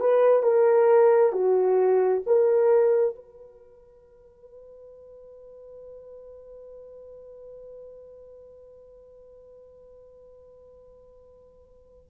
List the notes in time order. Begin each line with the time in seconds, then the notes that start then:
0.00 B4
0.43 A#4
1.32 F#4
2.27 A#4
3.15 B4